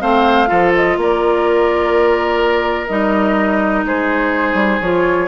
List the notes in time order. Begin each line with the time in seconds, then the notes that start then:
0.00 A3 C4 C5 F5
0.46 F3 F4 A4
0.75 D#5
0.97 A#3 A#4 D5
2.87 G3 D#4 D#5
3.85 G#3 G#4 C5
4.54 G3
4.81 F3 F4 C#5